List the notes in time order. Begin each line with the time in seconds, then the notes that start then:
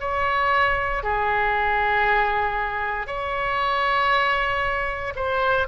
0.00 C#5
1.03 G#4
3.07 C#5
5.16 C5